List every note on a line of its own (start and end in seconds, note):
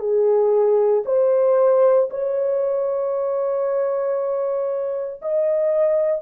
0.00 1.03 G#4
1.05 2.09 C5
2.10 5.21 C#5
5.22 6.22 D#5